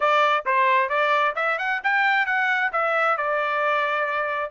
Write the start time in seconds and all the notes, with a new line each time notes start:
0.00 D5
0.45 C5
0.89 D5
1.35 E5
1.58 F#5
1.83 G5
2.26 F#5
2.72 E5
3.17 D5